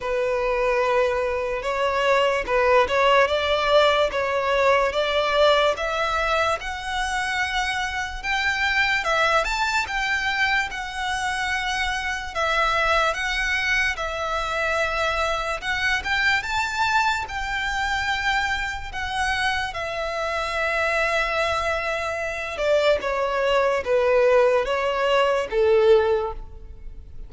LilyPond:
\new Staff \with { instrumentName = "violin" } { \time 4/4 \tempo 4 = 73 b'2 cis''4 b'8 cis''8 | d''4 cis''4 d''4 e''4 | fis''2 g''4 e''8 a''8 | g''4 fis''2 e''4 |
fis''4 e''2 fis''8 g''8 | a''4 g''2 fis''4 | e''2.~ e''8 d''8 | cis''4 b'4 cis''4 a'4 | }